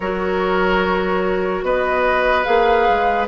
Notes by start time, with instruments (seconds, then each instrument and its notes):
0.00 bassoon F#3, clarinet F#4, oboe A#4, flute C#5
1.62 bassoon B3, oboe B4, flute D#5
2.43 bassoon A#3, clarinet G#4, flute F5
2.88 bassoon G#3